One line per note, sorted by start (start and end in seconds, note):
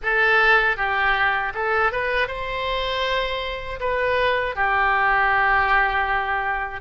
0.02 0.77 A4
0.77 1.53 G4
1.54 1.92 A4
1.92 2.28 B4
2.28 3.79 C5
3.80 4.55 B4
4.55 6.80 G4